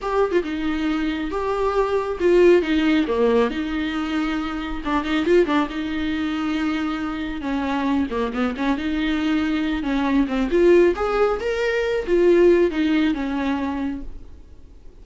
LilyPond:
\new Staff \with { instrumentName = "viola" } { \time 4/4 \tempo 4 = 137 g'8. f'16 dis'2 g'4~ | g'4 f'4 dis'4 ais4 | dis'2. d'8 dis'8 | f'8 d'8 dis'2.~ |
dis'4 cis'4. ais8 b8 cis'8 | dis'2~ dis'8 cis'4 c'8 | f'4 gis'4 ais'4. f'8~ | f'4 dis'4 cis'2 | }